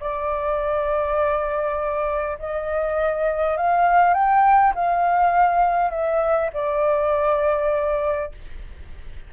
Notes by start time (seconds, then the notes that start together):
0.00 D5
2.39 D#5
3.57 F5
4.14 G5
4.75 F5
5.91 E5
6.53 D5